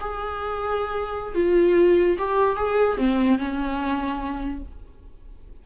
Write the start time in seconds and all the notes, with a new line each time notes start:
0.00 G#4
1.34 F4
2.18 G4
2.56 G#4
2.97 C4
3.38 C#4